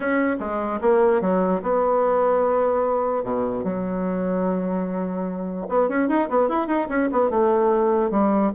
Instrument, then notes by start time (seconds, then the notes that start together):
bassoon
0.00 C#4
0.39 G#3
0.81 A#3
1.21 F#3
1.62 B3
3.23 B2
3.64 F#3
5.68 B3
5.88 C#4
6.08 D#4
6.29 B3
6.49 E4
6.67 D#4
6.88 C#4
7.11 B3
7.30 A3
8.11 G3